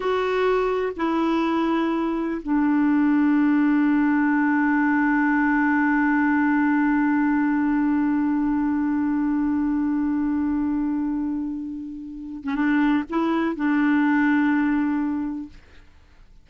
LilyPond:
\new Staff \with { instrumentName = "clarinet" } { \time 4/4 \tempo 4 = 124 fis'2 e'2~ | e'4 d'2.~ | d'1~ | d'1~ |
d'1~ | d'1~ | d'4.~ d'16 cis'16 d'4 e'4 | d'1 | }